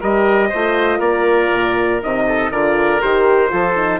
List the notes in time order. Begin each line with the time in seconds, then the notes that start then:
0.00 G3 G4 A#4 D#5
0.49 A3 F4 C5
0.98 A#3 A#4 D5
1.53 A#2
2.02 C3 D#4 D#5
2.27 A4
2.51 D3 F4 A#4 D5
3.00 D#3 G4 C5
3.49 F3 F4 A4
3.76 D#4